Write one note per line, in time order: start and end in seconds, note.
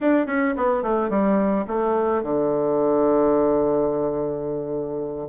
0.01 0.26 D4
0.26 0.54 C#4
0.57 0.83 B3
0.83 1.09 A3
1.09 1.65 G3
1.67 2.22 A3
2.22 5.28 D3